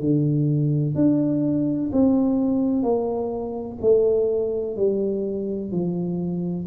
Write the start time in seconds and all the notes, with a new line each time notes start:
0.00 D3
0.95 D4
1.92 C4
2.83 A#3
3.81 A3
4.77 G3
5.71 F3